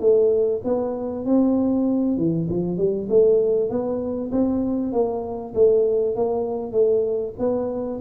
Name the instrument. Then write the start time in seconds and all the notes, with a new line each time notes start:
tuba
0.00 A3
0.64 B3
1.25 C4
2.17 E3
2.49 F3
2.77 G3
3.09 A3
3.70 B3
4.32 C4
4.93 A#3
5.55 A3
6.16 A#3
6.72 A3
7.39 B3